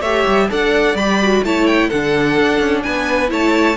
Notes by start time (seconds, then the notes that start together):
0.00 A3 G4 C#5 E5
0.27 G3
0.49 D4 A4 D5 F#5
0.94 G3 G4 B5
1.22 F#4
1.43 A3 E4 C#5 A5
1.66 G5
1.88 D3 D4 A4 F#5
2.38 D4
2.60 C#4
2.83 B3 B4 G#5
3.28 A3 E4 C#5 A5